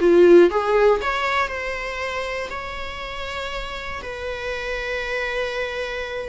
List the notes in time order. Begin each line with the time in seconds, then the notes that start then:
0.00 F4
0.50 G#4
1.01 C#5
1.48 C5
2.50 C#5
4.02 B4